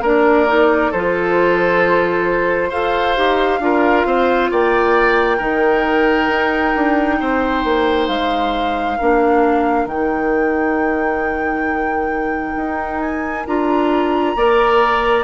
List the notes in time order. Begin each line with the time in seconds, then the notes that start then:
0.00 A#3 D4 A#4 D5
0.47 D#4
0.91 F3 F4 A4 C5
2.69 F4 A4 C5 F5
3.16 D#4 G4
3.59 D4 F4 A#4
4.05 C4 C5
4.51 A#3 D5 G5
5.37 D#3 D#4 A#4
6.28 D#4
6.75 D4
7.20 C4 C5
7.63 A#3
8.07 G#3 F5
8.98 A#3 D4 A#4
9.85 D#3 D#4 G5
12.55 D#4
13.00 G#5
13.46 D4 F4 A#5
14.35 A#3 A#4 D5